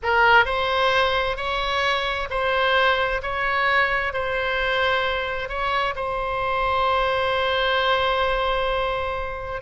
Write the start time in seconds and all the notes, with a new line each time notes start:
0.02 A#4
0.45 C5
1.36 C#5
2.30 C5
3.22 C#5
4.13 C5
5.48 C#5
5.95 C5